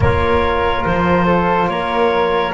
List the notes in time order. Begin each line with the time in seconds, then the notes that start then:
0.00 A#3 F4 A#4 C#5
0.85 F3 C5
1.25 A4
1.67 A#3 A#4 C#5